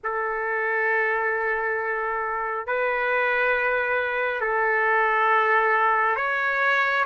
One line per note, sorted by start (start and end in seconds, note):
0.03 2.66 A4
2.66 4.40 B4
4.40 6.16 A4
6.16 7.04 C#5